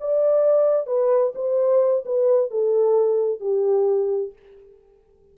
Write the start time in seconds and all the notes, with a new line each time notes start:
0.00 D5
0.86 B4
1.35 C5
2.05 B4
2.50 A4
3.40 G4